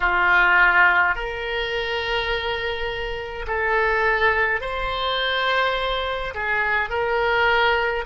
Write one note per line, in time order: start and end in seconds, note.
0.00 1.15 F4
1.15 3.46 A#4
3.47 4.60 A4
4.60 6.34 C5
6.34 6.89 G#4
6.89 8.05 A#4